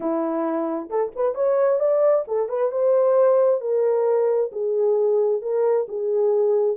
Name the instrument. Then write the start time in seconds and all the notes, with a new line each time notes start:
horn
0.00 E4
0.89 A4
1.15 B4
1.34 C#5
1.79 D5
2.27 A4
2.49 B4
2.71 C5
3.60 A#4
4.51 G#4
5.41 A#4
5.88 G#4